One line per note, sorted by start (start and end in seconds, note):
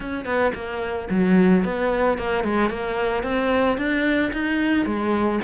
0.00 0.25 C#4
0.25 0.52 B3
0.54 1.08 A#3
1.10 1.64 F#3
1.64 2.17 B3
2.17 2.43 A#3
2.43 2.70 G#3
2.70 3.23 A#3
3.23 3.77 C4
3.77 4.31 D4
4.32 4.85 D#4
4.85 5.39 G#3